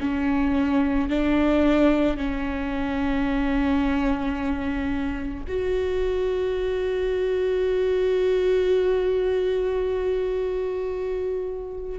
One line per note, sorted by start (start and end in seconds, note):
0.00 1.09 C#4
1.09 2.17 D4
2.17 5.44 C#4
5.47 11.99 F#4